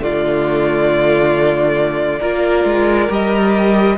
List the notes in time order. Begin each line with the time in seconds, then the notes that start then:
0.00 D3 A3 F4 D5
2.20 A#3 F4 A#4
2.65 G#3
3.09 G3 G4 D#5